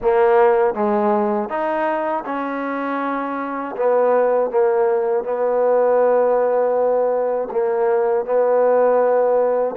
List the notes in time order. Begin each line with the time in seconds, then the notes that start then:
0.01 A#3
0.74 G#3
1.49 D#4
2.25 C#4
3.76 B3
4.50 A#3
5.24 B3
7.51 A#3
8.25 B3